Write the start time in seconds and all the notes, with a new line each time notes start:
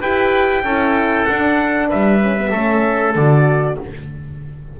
0.00 E4 G4 B4 G5
0.63 C#4 E4 A4
1.25 D4 F#5
1.88 G3 B4 E5
2.20 C#4
2.38 B3
2.50 A3 C#4 A4
3.15 D3 F#4 D5